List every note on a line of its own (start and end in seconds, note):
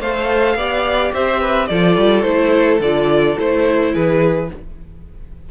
0.00 0.55 A3
0.00 0.58 A4
0.00 0.57 C5
0.00 1.13 F5
0.55 1.11 B3
0.55 1.70 G4
0.55 1.13 D5
1.13 1.70 C4
1.13 1.41 C5
1.13 1.67 E5
1.41 1.69 B4
1.67 1.97 F3
1.67 2.23 F4
1.67 3.93 A4
1.67 2.22 D5
1.97 2.24 G3
2.22 2.80 A3
2.22 2.79 E4
2.22 2.78 C5
2.80 3.36 D3
2.80 3.37 F4
2.80 3.38 D5
3.37 3.94 A3
3.37 4.49 E4
3.37 3.95 C5
3.93 4.50 E3
3.93 4.49 G#4
3.93 4.51 B4